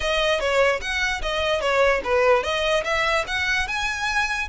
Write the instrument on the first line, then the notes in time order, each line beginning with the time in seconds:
violin
0.00 D#5
0.39 C#5
0.81 F#5
1.21 D#5
1.60 C#5
2.04 B4
2.43 D#5
2.84 E5
3.27 F#5
3.67 G#5